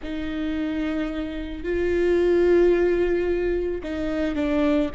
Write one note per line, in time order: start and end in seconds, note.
0.02 1.63 D#4
1.63 3.81 F4
3.83 4.35 D#4
4.35 4.90 D4